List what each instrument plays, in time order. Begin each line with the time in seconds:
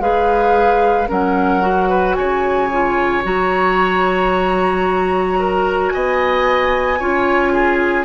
0.00 bassoon G#3, clarinet G#4, oboe B4, flute F5
1.08 bassoon F#3, clarinet C#4, oboe A#4, flute F#5
1.62 clarinet F#4
1.89 oboe B4
2.15 bassoon C#3, oboe C#5, flute G#5
2.71 clarinet F4
3.23 bassoon F#3, clarinet F#4, flute A#5
5.40 oboe A#4
5.90 bassoon B3, oboe D#5, flute G#5
6.99 bassoon C#4, clarinet F4, oboe C#5
7.53 oboe G#4